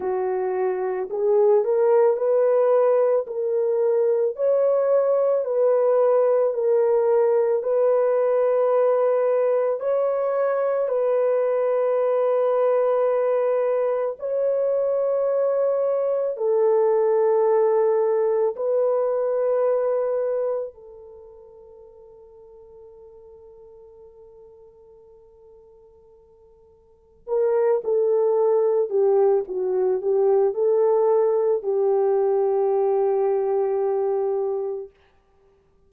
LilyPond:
\new Staff \with { instrumentName = "horn" } { \time 4/4 \tempo 4 = 55 fis'4 gis'8 ais'8 b'4 ais'4 | cis''4 b'4 ais'4 b'4~ | b'4 cis''4 b'2~ | b'4 cis''2 a'4~ |
a'4 b'2 a'4~ | a'1~ | a'4 ais'8 a'4 g'8 fis'8 g'8 | a'4 g'2. | }